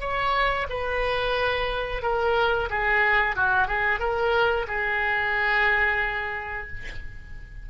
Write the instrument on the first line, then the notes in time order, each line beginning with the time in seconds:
oboe
0.00 C#5
0.69 B4
2.02 A#4
2.70 G#4
3.35 F#4
3.67 G#4
3.99 A#4
4.67 G#4